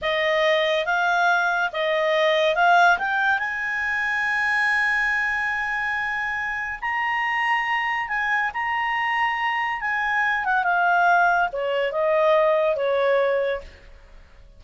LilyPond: \new Staff \with { instrumentName = "clarinet" } { \time 4/4 \tempo 4 = 141 dis''2 f''2 | dis''2 f''4 g''4 | gis''1~ | gis''1 |
ais''2. gis''4 | ais''2. gis''4~ | gis''8 fis''8 f''2 cis''4 | dis''2 cis''2 | }